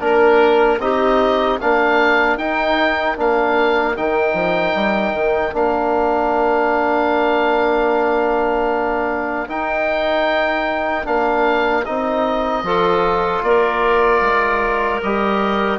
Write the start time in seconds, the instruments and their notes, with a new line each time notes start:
0.00 bassoon A#3, trombone D4, oboe A#4, clarinet A#4
0.79 bassoon C4, trombone D#4, clarinet G4, oboe D#5
1.60 bassoon A#3, trombone D4, clarinet A#4, oboe F5
2.37 bassoon D#4, trombone D#4, oboe G5
3.17 bassoon A#3, trombone D4, oboe F5
3.97 bassoon D#3, trombone D#4, oboe G5
4.34 bassoon F3
4.75 bassoon G3
5.13 bassoon D#3
5.53 bassoon A#3, trombone D4, oboe F5
9.48 trombone D#4, bassoon D#4, oboe G5
11.05 bassoon A#3, trombone D4, oboe F5
11.85 bassoon C4, trombone D#4, oboe D#5
12.63 bassoon F3, trombone F4, clarinet A4
13.43 bassoon A#3, clarinet A#4, oboe D5
14.21 bassoon G#3
15.03 bassoon G3, trombone G4, oboe D#5